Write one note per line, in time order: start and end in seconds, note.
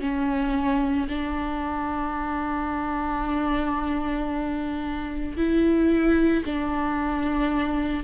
0.00 1.07 C#4
1.09 5.37 D4
5.37 6.44 E4
6.45 8.04 D4